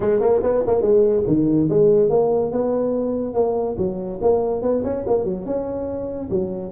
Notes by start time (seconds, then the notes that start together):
0.00 G#3
0.20 A#3
0.42 B3
0.67 A#3
0.81 G#3
1.26 D#3
1.69 G#3
2.09 A#3
2.51 B3
3.34 A#3
3.77 F#3
4.21 A#3
4.62 B3
4.83 C#4
5.06 A#3
5.24 F#3
5.45 C#4
6.30 F#3